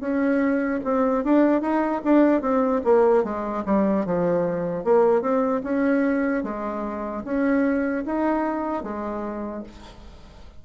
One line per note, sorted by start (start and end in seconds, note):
0.00 0.80 C#4
0.84 1.24 C4
1.24 1.61 D4
1.61 2.01 D#4
2.04 2.41 D4
2.41 2.81 C4
2.84 3.24 A#3
3.24 3.64 G#3
3.65 4.05 G3
4.05 4.84 F3
4.84 5.21 A#3
5.21 5.61 C4
5.63 6.43 C#4
6.43 7.23 G#3
7.24 8.04 C#4
8.05 8.83 D#4
8.83 9.63 G#3